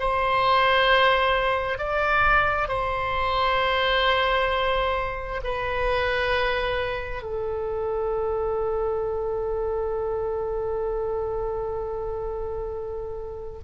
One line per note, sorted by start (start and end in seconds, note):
0.00 1.78 C5
1.78 2.68 D5
2.68 5.41 C5
5.44 7.23 B4
7.23 13.59 A4